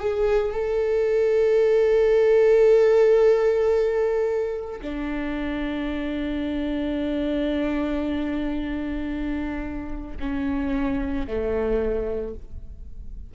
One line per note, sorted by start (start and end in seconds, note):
0.00 0.53 G#4
0.53 4.81 A4
4.82 10.17 D4
10.20 11.27 C#4
11.27 12.35 A3